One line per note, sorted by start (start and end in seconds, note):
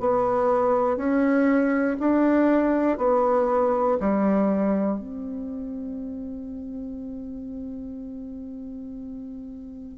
0.00 0.97 B3
0.97 1.97 C#4
2.00 2.98 D4
2.98 3.98 B3
4.00 4.99 G3
4.99 9.98 C4